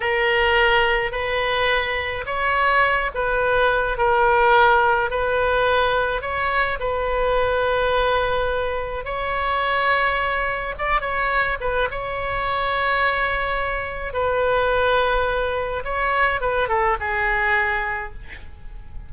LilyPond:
\new Staff \with { instrumentName = "oboe" } { \time 4/4 \tempo 4 = 106 ais'2 b'2 | cis''4. b'4. ais'4~ | ais'4 b'2 cis''4 | b'1 |
cis''2. d''8 cis''8~ | cis''8 b'8 cis''2.~ | cis''4 b'2. | cis''4 b'8 a'8 gis'2 | }